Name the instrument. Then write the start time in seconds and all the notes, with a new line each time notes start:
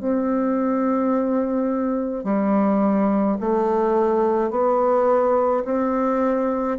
bassoon
0.00 C4
2.24 G3
3.41 A3
4.51 B3
5.65 C4